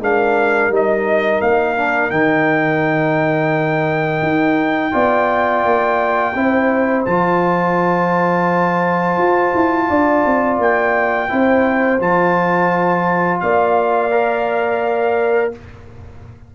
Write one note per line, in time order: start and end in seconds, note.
0.00 0.70 G#3
0.00 0.71 D4
0.00 4.93 A#4
0.00 0.74 F5
0.70 1.40 G3
0.70 1.77 D#4
0.70 1.41 D#5
1.41 2.11 A#3
1.41 2.10 F5
1.77 2.11 D4
2.10 4.22 D#3
2.10 4.92 D#4
2.10 7.05 G5
4.22 4.93 D#4
4.92 5.65 B3
4.92 6.33 F4
4.92 6.34 D5
5.65 6.35 A#3
6.35 7.06 C4
6.35 7.06 E4
6.35 9.88 C5
7.05 9.18 F3
7.05 11.29 F4
7.05 10.58 A5
9.18 9.53 F4
9.54 9.90 E4
9.88 10.25 D4
9.88 11.29 D5
10.26 10.59 C4
10.59 11.29 A#3
10.59 12.01 G5
11.29 12.00 C4
11.29 11.99 E4
11.29 13.42 C5
12.00 13.41 F3
12.00 14.11 F4
12.00 13.40 A5
13.40 15.55 A#3
13.40 15.54 D5
13.40 15.52 F5
14.11 15.52 A#4